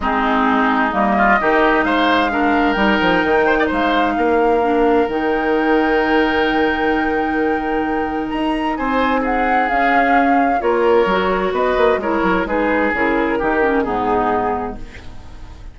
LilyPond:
<<
  \new Staff \with { instrumentName = "flute" } { \time 4/4 \tempo 4 = 130 gis'2 dis''2 | f''2 g''2 | f''2. g''4~ | g''1~ |
g''2 ais''4 gis''4 | fis''4 f''2 cis''4~ | cis''4 dis''4 cis''4 b'4 | ais'2 gis'2 | }
  \new Staff \with { instrumentName = "oboe" } { \time 4/4 dis'2~ dis'8 f'8 g'4 | c''4 ais'2~ ais'8 c''16 d''16 | c''4 ais'2.~ | ais'1~ |
ais'2. c''4 | gis'2. ais'4~ | ais'4 b'4 ais'4 gis'4~ | gis'4 g'4 dis'2 | }
  \new Staff \with { instrumentName = "clarinet" } { \time 4/4 c'2 ais4 dis'4~ | dis'4 d'4 dis'2~ | dis'2 d'4 dis'4~ | dis'1~ |
dis'1~ | dis'4 cis'2 f'4 | fis'2 e'4 dis'4 | e'4 dis'8 cis'8 b2 | }
  \new Staff \with { instrumentName = "bassoon" } { \time 4/4 gis2 g4 dis4 | gis2 g8 f8 dis4 | gis4 ais2 dis4~ | dis1~ |
dis2 dis'4 c'4~ | c'4 cis'2 ais4 | fis4 b8 ais8 gis8 fis8 gis4 | cis4 dis4 gis,2 | }
>>